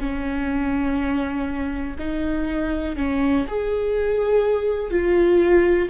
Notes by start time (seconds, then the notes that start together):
0.00 C#4
1.99 D#4
2.96 C#4
3.48 G#4
4.90 F4